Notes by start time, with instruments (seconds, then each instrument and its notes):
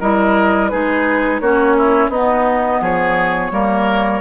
0.00 bassoon G3, clarinet E4, oboe A#4, flute D#5
0.69 bassoon G#3, clarinet D#4, oboe G#4, flute B4
1.40 bassoon A#3, clarinet C#4, oboe F#4, flute C#5
1.77 oboe E4
2.08 bassoon B3, clarinet B3, oboe D#4, flute D#5
2.80 bassoon F3, oboe G#4, flute C#5
3.51 bassoon G3, clarinet A#3, oboe A#4